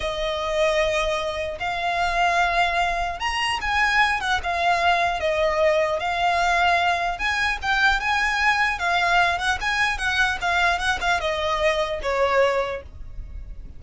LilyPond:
\new Staff \with { instrumentName = "violin" } { \time 4/4 \tempo 4 = 150 dis''1 | f''1 | ais''4 gis''4. fis''8 f''4~ | f''4 dis''2 f''4~ |
f''2 gis''4 g''4 | gis''2 f''4. fis''8 | gis''4 fis''4 f''4 fis''8 f''8 | dis''2 cis''2 | }